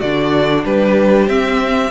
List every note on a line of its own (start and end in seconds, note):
0.00 0.64 D3
0.00 1.29 D4
0.00 0.64 F#4
0.00 0.64 D5
0.64 1.28 G3
0.64 1.91 G4
0.64 1.29 B4
1.28 1.91 C4
1.28 1.91 E5